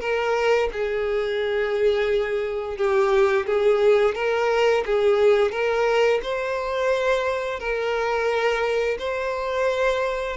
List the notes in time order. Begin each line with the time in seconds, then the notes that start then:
0.00 A#4
0.72 G#4
2.77 G4
3.46 G#4
4.15 A#4
4.85 G#4
5.51 A#4
6.23 C5
7.59 A#4
8.99 C5